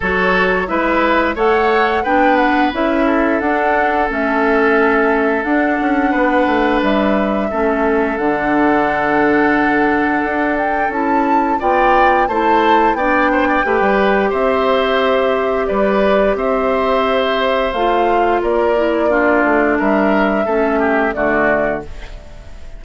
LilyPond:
<<
  \new Staff \with { instrumentName = "flute" } { \time 4/4 \tempo 4 = 88 cis''4 e''4 fis''4 g''8 fis''8 | e''4 fis''4 e''2 | fis''2 e''2 | fis''2.~ fis''8 g''8 |
a''4 g''4 a''4 g''4~ | g''4 e''2 d''4 | e''2 f''4 d''4~ | d''4 e''2 d''4 | }
  \new Staff \with { instrumentName = "oboe" } { \time 4/4 a'4 b'4 cis''4 b'4~ | b'8 a'2.~ a'8~ | a'4 b'2 a'4~ | a'1~ |
a'4 d''4 c''4 d''8 c''16 d''16 | b'4 c''2 b'4 | c''2. ais'4 | f'4 ais'4 a'8 g'8 fis'4 | }
  \new Staff \with { instrumentName = "clarinet" } { \time 4/4 fis'4 e'4 a'4 d'4 | e'4 d'4 cis'2 | d'2. cis'4 | d'1 |
e'4 f'4 e'4 d'4 | g'1~ | g'2 f'4. e'8 | d'2 cis'4 a4 | }
  \new Staff \with { instrumentName = "bassoon" } { \time 4/4 fis4 gis4 a4 b4 | cis'4 d'4 a2 | d'8 cis'8 b8 a8 g4 a4 | d2. d'4 |
cis'4 b4 a4 b4 | a16 g8. c'2 g4 | c'2 a4 ais4~ | ais8 a8 g4 a4 d4 | }
>>